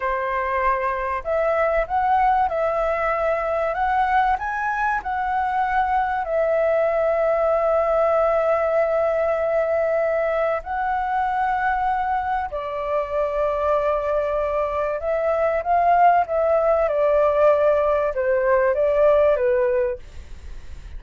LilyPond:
\new Staff \with { instrumentName = "flute" } { \time 4/4 \tempo 4 = 96 c''2 e''4 fis''4 | e''2 fis''4 gis''4 | fis''2 e''2~ | e''1~ |
e''4 fis''2. | d''1 | e''4 f''4 e''4 d''4~ | d''4 c''4 d''4 b'4 | }